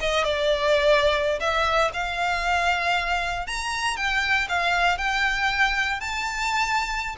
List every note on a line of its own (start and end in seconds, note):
0.00 0.24 D#5
0.24 1.39 D5
1.40 1.91 E5
1.93 3.47 F5
3.47 3.97 A#5
3.97 4.48 G5
4.49 4.98 F5
4.98 6.00 G5
6.00 7.16 A5